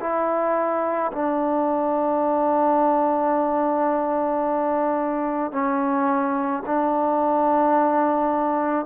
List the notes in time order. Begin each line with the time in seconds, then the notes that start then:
0.00 E4
1.12 D4
5.52 C#4
6.66 D4